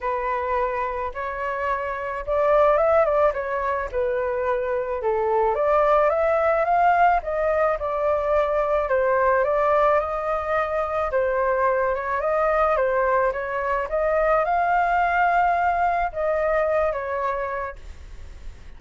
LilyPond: \new Staff \with { instrumentName = "flute" } { \time 4/4 \tempo 4 = 108 b'2 cis''2 | d''4 e''8 d''8 cis''4 b'4~ | b'4 a'4 d''4 e''4 | f''4 dis''4 d''2 |
c''4 d''4 dis''2 | c''4. cis''8 dis''4 c''4 | cis''4 dis''4 f''2~ | f''4 dis''4. cis''4. | }